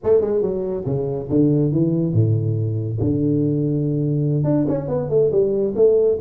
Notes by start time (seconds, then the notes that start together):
0.03 A3
0.20 G#3
0.41 F#3
0.85 C#3
1.29 D3
1.72 E3
2.13 A2
3.00 D3
4.44 D4
4.68 C#4
4.88 B3
5.09 A3
5.31 G3
5.75 A3